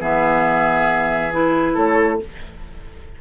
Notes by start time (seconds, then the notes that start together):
0.00 E3 B3 G#4 E5
1.31 E4 B4
1.74 A3 A4 C#5